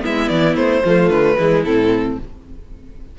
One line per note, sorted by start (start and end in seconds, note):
0.00 0.30 G#3
0.00 0.80 B3
0.00 0.84 E4
0.00 0.28 E5
0.28 0.56 E3
0.28 0.55 D5
0.56 0.83 A3
0.56 1.09 C5
0.85 1.09 F3
0.85 1.38 A3
0.85 1.37 F4
1.09 1.36 D3
1.09 1.62 B4
1.37 1.64 E3
1.37 1.65 G#3
1.37 2.18 E4
1.64 2.18 A2
1.64 2.19 C4
1.64 2.18 A4